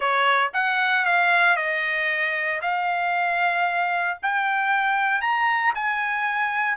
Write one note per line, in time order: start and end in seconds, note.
0.00 0.51 C#5
0.53 1.05 F#5
1.05 1.56 F5
1.56 2.60 D#5
2.61 4.18 F5
4.22 5.21 G5
5.21 5.73 A#5
5.74 6.77 G#5